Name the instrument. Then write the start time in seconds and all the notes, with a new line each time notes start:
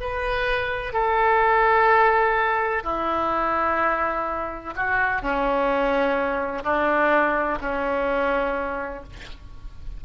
oboe
0.00 B4
0.93 A4
2.84 E4
4.76 F#4
5.22 C#4
6.63 D4
7.61 C#4